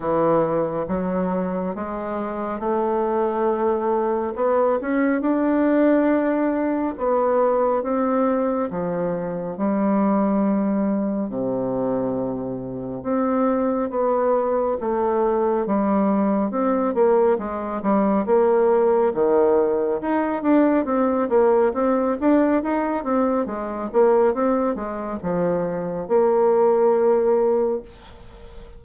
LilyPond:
\new Staff \with { instrumentName = "bassoon" } { \time 4/4 \tempo 4 = 69 e4 fis4 gis4 a4~ | a4 b8 cis'8 d'2 | b4 c'4 f4 g4~ | g4 c2 c'4 |
b4 a4 g4 c'8 ais8 | gis8 g8 ais4 dis4 dis'8 d'8 | c'8 ais8 c'8 d'8 dis'8 c'8 gis8 ais8 | c'8 gis8 f4 ais2 | }